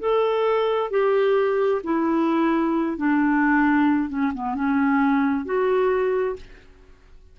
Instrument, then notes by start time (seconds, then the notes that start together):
clarinet
0.00 A4
0.90 G4
1.83 E4
2.98 D4
4.10 C#4
4.35 B3
4.55 C#4
5.45 F#4